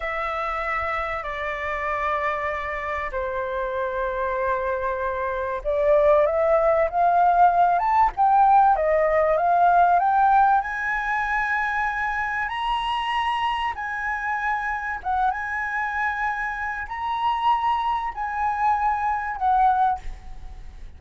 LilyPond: \new Staff \with { instrumentName = "flute" } { \time 4/4 \tempo 4 = 96 e''2 d''2~ | d''4 c''2.~ | c''4 d''4 e''4 f''4~ | f''8 a''8 g''4 dis''4 f''4 |
g''4 gis''2. | ais''2 gis''2 | fis''8 gis''2~ gis''8 ais''4~ | ais''4 gis''2 fis''4 | }